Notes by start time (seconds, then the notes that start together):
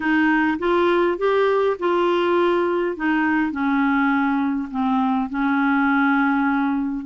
0.00 D#4
0.59 F4
1.18 G4
1.79 F4
2.96 D#4
3.51 C#4
4.70 C4
5.29 C#4